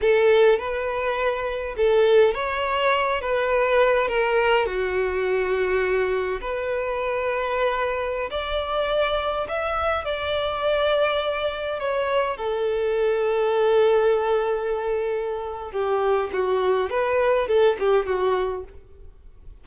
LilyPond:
\new Staff \with { instrumentName = "violin" } { \time 4/4 \tempo 4 = 103 a'4 b'2 a'4 | cis''4. b'4. ais'4 | fis'2. b'4~ | b'2~ b'16 d''4.~ d''16~ |
d''16 e''4 d''2~ d''8.~ | d''16 cis''4 a'2~ a'8.~ | a'2. g'4 | fis'4 b'4 a'8 g'8 fis'4 | }